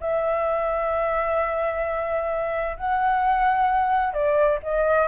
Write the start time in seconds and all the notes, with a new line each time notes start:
0.00 E5
2.77 F#5
4.13 D5
4.63 D#5